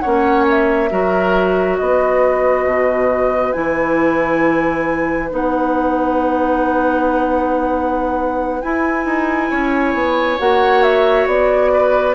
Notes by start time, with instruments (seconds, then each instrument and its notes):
0.00 bassoon A#3, clarinet C#4, oboe C#5, flute F#5
0.49 flute E5
0.90 bassoon F#3, clarinet F#4, oboe A#4
1.78 bassoon B3, oboe B4, flute D#5
2.65 bassoon B2
3.52 bassoon E3, clarinet E4, flute G#5
5.30 bassoon B3, clarinet D#4, flute F#5
8.61 clarinet E4, bassoon E4, flute G#5
9.05 bassoon D#4
9.50 bassoon C#4, oboe C#5
9.94 bassoon B3
10.39 bassoon A#3, clarinet F#4, flute F#5
10.83 flute E5
11.26 bassoon B3, flute D5
11.73 oboe B4